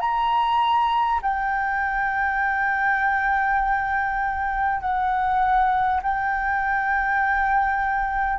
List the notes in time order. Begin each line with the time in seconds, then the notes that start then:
0.00 A#5
1.22 G5
4.81 F#5
6.02 G5